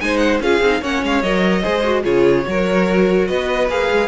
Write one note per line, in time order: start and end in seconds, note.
0.00 0.40 G#3
0.00 0.41 D#4
0.00 0.42 C5
0.00 0.17 G#5
0.17 0.37 F#5
0.40 0.60 C#4
0.40 0.62 F4
0.40 0.81 G#4
0.40 0.83 F5
0.60 0.81 C4
0.60 0.83 D#4
0.81 1.02 A#3
0.81 1.24 C#4
0.81 1.62 C#5
0.81 1.04 F#5
1.03 1.23 G#3
1.03 1.22 F5
1.22 1.63 F#3
1.22 1.63 A#4
1.22 2.03 D#5
1.62 2.05 G#3
1.62 1.83 G#4
1.62 2.03 C5
1.84 2.03 F#4
2.03 2.46 C#3
2.03 2.44 F4
2.03 2.45 G#4
2.03 3.27 C#5
2.45 3.29 F#3
2.45 3.68 F#4
2.45 3.28 A#4
3.27 3.69 B3
3.27 4.08 B4
3.27 3.68 D#5
3.69 3.89 A#3
3.69 4.08 G#4
3.69 4.08 F5
3.91 4.08 G#3